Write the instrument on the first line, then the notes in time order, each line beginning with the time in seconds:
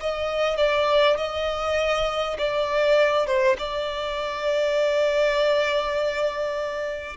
violin
0.00 D#5
0.57 D5
1.17 D#5
2.38 D5
3.26 C5
3.58 D5